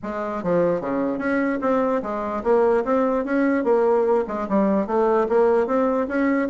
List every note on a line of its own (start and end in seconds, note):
0.02 0.43 G#3
0.43 0.81 F3
0.81 1.18 C#3
1.18 1.59 C#4
1.61 2.02 C4
2.02 2.43 G#3
2.43 2.84 A#3
2.84 3.24 C4
3.24 3.64 C#4
3.64 4.25 A#3
4.27 4.47 G#3
4.48 4.86 G3
4.86 5.27 A3
5.28 5.66 A#3
5.66 6.07 C4
6.08 6.48 C#4